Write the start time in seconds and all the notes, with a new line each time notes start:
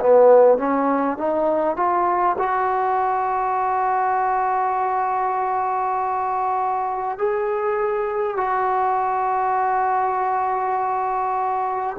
0.00 B3
0.58 C#4
1.18 D#4
1.76 F4
2.38 F#4
7.18 G#4
8.37 F#4